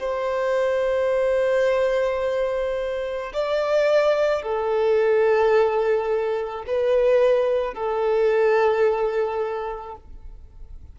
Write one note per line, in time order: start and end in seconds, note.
0.00 3.33 C5
3.34 4.43 D5
4.43 6.65 A4
6.68 7.74 B4
7.74 9.96 A4